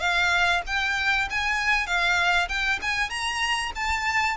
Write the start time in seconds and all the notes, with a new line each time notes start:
0.00 F5
0.67 G5
1.30 G#5
1.87 F5
2.49 G5
2.82 G#5
3.10 A#5
3.76 A5